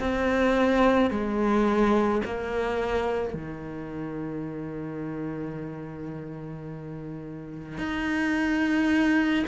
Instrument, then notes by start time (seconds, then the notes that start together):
cello
0.00 C4
1.11 G#3
2.25 A#3
3.34 D#3
7.78 D#4